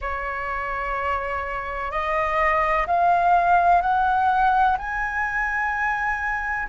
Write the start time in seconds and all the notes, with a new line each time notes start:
0.01 C#5
1.90 D#5
2.86 F5
3.81 F#5
4.77 G#5